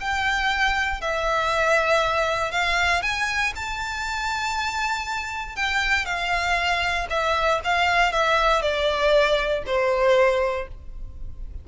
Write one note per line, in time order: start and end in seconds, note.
0.00 1.01 G5
1.01 2.51 E5
2.51 3.02 F5
3.02 3.53 G#5
3.55 5.55 A5
5.55 6.05 G5
6.05 7.07 F5
7.10 7.60 E5
7.64 8.12 F5
8.12 8.61 E5
8.61 9.63 D5
9.66 10.67 C5